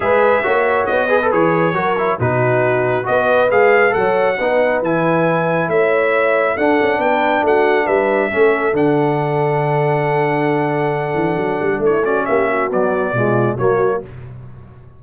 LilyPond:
<<
  \new Staff \with { instrumentName = "trumpet" } { \time 4/4 \tempo 4 = 137 e''2 dis''4 cis''4~ | cis''4 b'2 dis''4 | f''4 fis''2 gis''4~ | gis''4 e''2 fis''4 |
g''4 fis''4 e''2 | fis''1~ | fis''2. cis''8 d''8 | e''4 d''2 cis''4 | }
  \new Staff \with { instrumentName = "horn" } { \time 4/4 b'4 cis''4. b'4. | ais'4 fis'2 b'4~ | b'4 cis''4 b'2~ | b'4 cis''2 a'4 |
b'4 fis'4 b'4 a'4~ | a'1~ | a'2. e'8 fis'8 | g'8 fis'4. f'4 fis'4 | }
  \new Staff \with { instrumentName = "trombone" } { \time 4/4 gis'4 fis'4. gis'16 a'16 gis'4 | fis'8 e'8 dis'2 fis'4 | gis'4 a'4 dis'4 e'4~ | e'2. d'4~ |
d'2. cis'4 | d'1~ | d'2.~ d'8 cis'8~ | cis'4 fis4 gis4 ais4 | }
  \new Staff \with { instrumentName = "tuba" } { \time 4/4 gis4 ais4 b4 e4 | fis4 b,2 b4 | gis4 fis4 b4 e4~ | e4 a2 d'8 cis'8 |
b4 a4 g4 a4 | d1~ | d4. e8 fis8 g8 a4 | ais4 b4 b,4 fis4 | }
>>